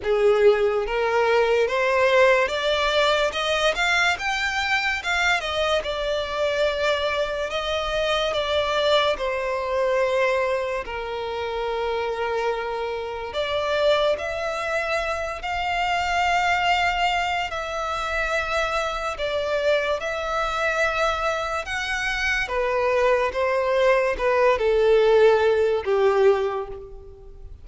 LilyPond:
\new Staff \with { instrumentName = "violin" } { \time 4/4 \tempo 4 = 72 gis'4 ais'4 c''4 d''4 | dis''8 f''8 g''4 f''8 dis''8 d''4~ | d''4 dis''4 d''4 c''4~ | c''4 ais'2. |
d''4 e''4. f''4.~ | f''4 e''2 d''4 | e''2 fis''4 b'4 | c''4 b'8 a'4. g'4 | }